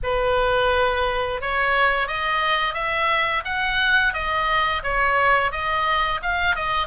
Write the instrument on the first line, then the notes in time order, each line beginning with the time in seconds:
oboe
0.03 B4
1.41 C#5
2.07 D#5
2.74 E5
3.45 F#5
4.13 D#5
4.83 C#5
5.51 D#5
6.22 F5
6.55 D#5